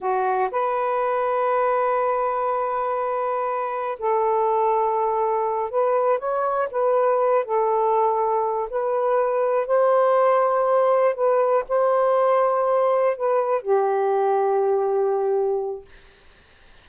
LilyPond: \new Staff \with { instrumentName = "saxophone" } { \time 4/4 \tempo 4 = 121 fis'4 b'2.~ | b'1 | a'2.~ a'8 b'8~ | b'8 cis''4 b'4. a'4~ |
a'4. b'2 c''8~ | c''2~ c''8 b'4 c''8~ | c''2~ c''8 b'4 g'8~ | g'1 | }